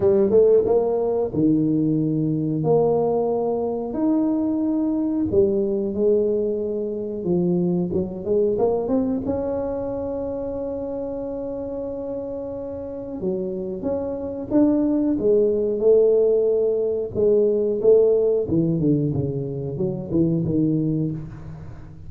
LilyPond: \new Staff \with { instrumentName = "tuba" } { \time 4/4 \tempo 4 = 91 g8 a8 ais4 dis2 | ais2 dis'2 | g4 gis2 f4 | fis8 gis8 ais8 c'8 cis'2~ |
cis'1 | fis4 cis'4 d'4 gis4 | a2 gis4 a4 | e8 d8 cis4 fis8 e8 dis4 | }